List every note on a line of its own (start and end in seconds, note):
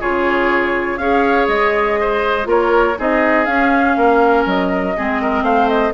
0.00 0.98 C#3
0.00 1.00 F4
0.00 0.99 G#4
0.00 0.98 C#5
0.98 1.47 C#4
0.98 2.44 G#4
0.98 2.00 C#5
0.98 1.47 F5
1.48 2.46 G#3
1.48 2.47 D#5
2.00 2.48 C5
2.44 2.95 A#3
2.44 2.93 F4
2.44 2.97 A#4
2.44 2.99 C#5
2.98 3.47 C4
2.98 3.46 D#4
2.98 3.97 G#4
2.98 3.45 D#5
3.45 4.95 C#4
3.45 3.96 C#4
3.45 4.44 F5
3.97 4.46 A#3
3.97 4.96 A#4
4.46 4.95 F#3
4.46 5.44 D#5
4.97 5.42 G#3
4.97 5.94 C4
4.97 5.21 G#4
5.22 5.44 A#4
5.42 5.92 A3
5.42 5.93 C5
5.42 5.68 F5
5.68 5.93 D#5